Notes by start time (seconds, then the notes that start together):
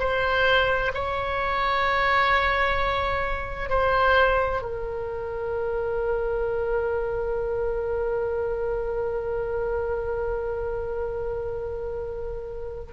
0.00 C5
0.95 C#5
3.70 C5
4.62 A#4